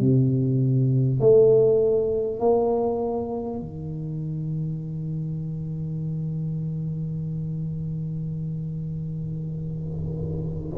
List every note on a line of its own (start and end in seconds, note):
0.00 1.20 C3
1.21 2.39 A3
2.39 3.59 A#3
3.60 10.78 D#3